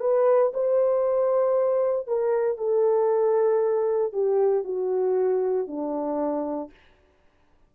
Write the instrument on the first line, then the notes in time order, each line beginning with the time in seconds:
horn
0.00 B4
0.53 C5
2.07 A#4
2.57 A4
4.12 G4
4.64 F#4
5.67 D4